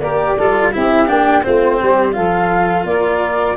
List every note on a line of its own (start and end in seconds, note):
0.00 0.36 A#3
0.00 0.39 G4
0.00 0.36 A#4
0.00 0.71 D5
0.36 0.75 G3
0.36 0.73 F4
0.36 0.72 A4
0.73 1.10 C4
0.73 1.07 E4
0.73 1.43 G4
0.73 1.08 E5
1.07 1.45 A#3
1.07 1.43 D4
1.07 1.44 G5
1.43 1.82 A3
1.43 2.13 C4
1.43 1.79 F4
1.43 2.13 C5
1.80 2.18 G3
1.80 2.15 G4
2.13 2.85 F3
2.13 3.56 F4
2.13 2.86 A4
2.13 2.85 F5
2.85 3.56 A#3
2.85 3.57 A#4
2.85 3.57 D5